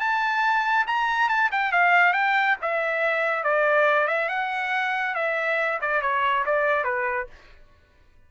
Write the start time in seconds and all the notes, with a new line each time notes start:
0.00 A5
0.87 A#5
1.29 A5
1.52 G5
1.72 F5
2.13 G5
2.61 E5
3.44 D5
4.07 E5
4.29 F#5
5.15 E5
5.81 D5
6.02 C#5
6.45 D5
6.84 B4